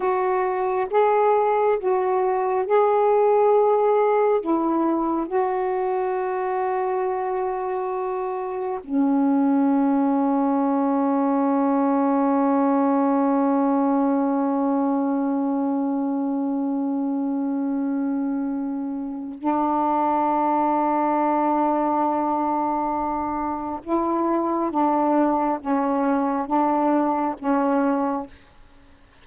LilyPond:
\new Staff \with { instrumentName = "saxophone" } { \time 4/4 \tempo 4 = 68 fis'4 gis'4 fis'4 gis'4~ | gis'4 e'4 fis'2~ | fis'2 cis'2~ | cis'1~ |
cis'1~ | cis'2 d'2~ | d'2. e'4 | d'4 cis'4 d'4 cis'4 | }